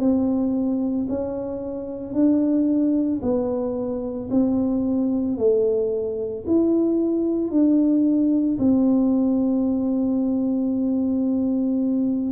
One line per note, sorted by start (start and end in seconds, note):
0.00 1.07 C4
1.09 2.14 C#4
2.14 3.21 D4
3.22 4.30 B3
4.31 5.38 C4
5.38 6.45 A3
6.47 7.51 E4
7.51 8.58 D4
8.59 12.32 C4